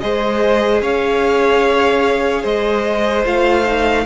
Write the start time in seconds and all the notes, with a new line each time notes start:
0.00 G#3 G#4 C5 D#5
0.82 C#4 C#5 F5
2.42 G#3 C5 D#5
3.25 A3 F4 F5
3.65 D#4